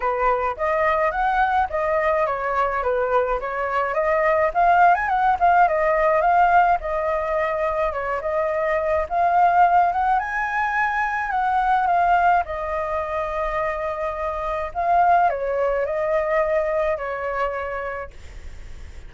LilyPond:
\new Staff \with { instrumentName = "flute" } { \time 4/4 \tempo 4 = 106 b'4 dis''4 fis''4 dis''4 | cis''4 b'4 cis''4 dis''4 | f''8. gis''16 fis''8 f''8 dis''4 f''4 | dis''2 cis''8 dis''4. |
f''4. fis''8 gis''2 | fis''4 f''4 dis''2~ | dis''2 f''4 cis''4 | dis''2 cis''2 | }